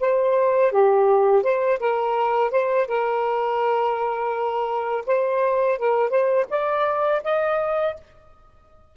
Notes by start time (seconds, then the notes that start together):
0.00 C5
0.72 G4
1.43 C5
1.79 A#4
2.51 C5
2.88 A#4
5.06 C5
5.78 A#4
6.09 C5
6.50 D5
7.23 D#5